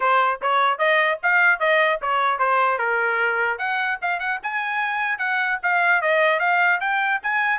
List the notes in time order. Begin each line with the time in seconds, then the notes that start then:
0.00 C5
0.41 C#5
0.78 D#5
1.22 F5
1.59 D#5
2.01 C#5
2.38 C5
2.78 A#4
3.58 F#5
4.01 F5
4.19 F#5
4.42 G#5
5.18 F#5
5.63 F5
6.01 D#5
6.39 F5
6.80 G5
7.23 G#5